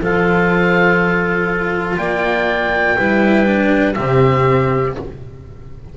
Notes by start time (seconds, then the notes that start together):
0.00 F3 F4 A4 F5
1.97 A#3 D5 G5
2.97 G3 E4 B4
3.45 D4
3.94 C3 C4 G4 E5